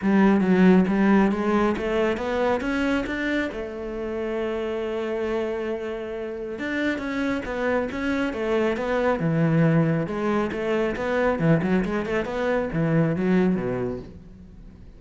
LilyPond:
\new Staff \with { instrumentName = "cello" } { \time 4/4 \tempo 4 = 137 g4 fis4 g4 gis4 | a4 b4 cis'4 d'4 | a1~ | a2. d'4 |
cis'4 b4 cis'4 a4 | b4 e2 gis4 | a4 b4 e8 fis8 gis8 a8 | b4 e4 fis4 b,4 | }